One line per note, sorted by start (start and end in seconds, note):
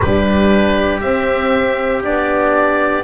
0.01 1.02 G3
0.01 1.02 D4
0.01 3.04 G4
0.01 1.00 B4
1.00 2.02 C4
1.00 2.04 C4
1.00 2.02 E5
2.02 3.04 B3
2.02 3.04 D4
2.02 3.04 D5